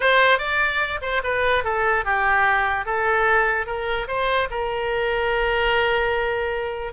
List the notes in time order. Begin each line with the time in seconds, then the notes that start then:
0.00 C5
0.38 D5
1.01 C5
1.23 B4
1.63 A4
2.04 G4
2.85 A4
3.66 A#4
4.07 C5
4.50 A#4